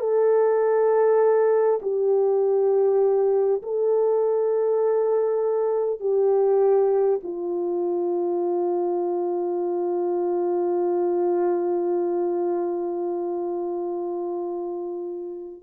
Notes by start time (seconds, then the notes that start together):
0.00 A4
1.83 G4
3.63 A4
6.01 G4
7.23 F4